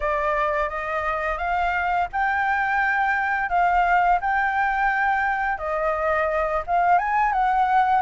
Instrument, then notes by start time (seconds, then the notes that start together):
flute
0.00 D5
0.69 D#5
1.38 F5
2.12 G5
3.49 F5
4.21 G5
5.58 D#5
6.67 F5
6.98 G#5
7.32 F#5